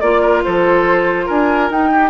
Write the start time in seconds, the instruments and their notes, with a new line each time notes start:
0.00 bassoon A#3, clarinet F4, flute D5, oboe D5
0.21 oboe A#4
0.44 bassoon F3, oboe A4, flute C5
1.26 bassoon D4, oboe A#4, flute G#5
1.70 bassoon D#4, clarinet D#4, flute G5
1.92 oboe G4